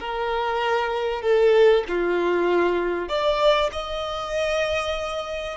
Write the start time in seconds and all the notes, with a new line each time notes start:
0.00 A#4
1.22 A4
1.88 F4
3.09 D5
3.73 D#5